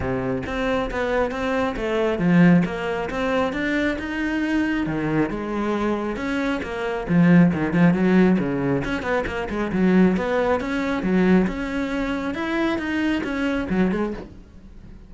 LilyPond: \new Staff \with { instrumentName = "cello" } { \time 4/4 \tempo 4 = 136 c4 c'4 b4 c'4 | a4 f4 ais4 c'4 | d'4 dis'2 dis4 | gis2 cis'4 ais4 |
f4 dis8 f8 fis4 cis4 | cis'8 b8 ais8 gis8 fis4 b4 | cis'4 fis4 cis'2 | e'4 dis'4 cis'4 fis8 gis8 | }